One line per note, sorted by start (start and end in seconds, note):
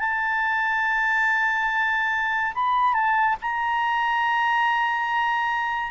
0.00 2.54 A5
2.55 2.94 B5
2.94 3.36 A5
3.42 5.92 A#5